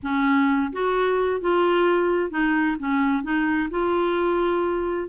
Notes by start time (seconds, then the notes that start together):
0.02 C#4
0.72 F#4
1.40 F4
2.30 D#4
2.79 C#4
3.23 D#4
3.70 F4